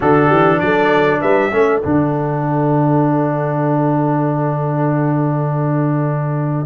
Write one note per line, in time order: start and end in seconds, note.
0.00 0.31 D3
0.00 1.51 D4
0.00 0.27 F#4
0.00 0.59 A4
0.27 0.61 E3
0.27 0.57 G4
0.59 1.21 F#3
0.59 1.20 A4
0.59 1.20 D5
1.20 1.52 G3
1.20 1.51 B4
1.20 1.80 E5
1.51 1.82 A3
1.51 1.82 C#4
1.51 6.65 A4
1.80 6.65 D3
1.80 6.65 D4
1.80 6.65 F#5